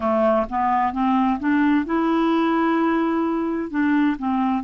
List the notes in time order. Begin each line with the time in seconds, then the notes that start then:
0.00 A3
0.49 B3
0.92 C4
1.39 D4
1.85 E4
3.70 D4
4.18 C4